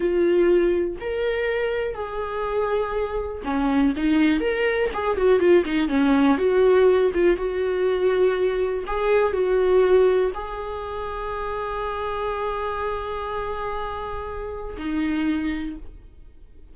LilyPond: \new Staff \with { instrumentName = "viola" } { \time 4/4 \tempo 4 = 122 f'2 ais'2 | gis'2. cis'4 | dis'4 ais'4 gis'8 fis'8 f'8 dis'8 | cis'4 fis'4. f'8 fis'4~ |
fis'2 gis'4 fis'4~ | fis'4 gis'2.~ | gis'1~ | gis'2 dis'2 | }